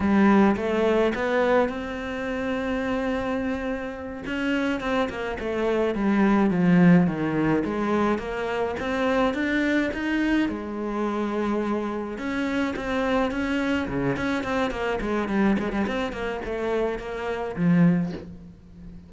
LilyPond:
\new Staff \with { instrumentName = "cello" } { \time 4/4 \tempo 4 = 106 g4 a4 b4 c'4~ | c'2.~ c'8 cis'8~ | cis'8 c'8 ais8 a4 g4 f8~ | f8 dis4 gis4 ais4 c'8~ |
c'8 d'4 dis'4 gis4.~ | gis4. cis'4 c'4 cis'8~ | cis'8 cis8 cis'8 c'8 ais8 gis8 g8 gis16 g16 | c'8 ais8 a4 ais4 f4 | }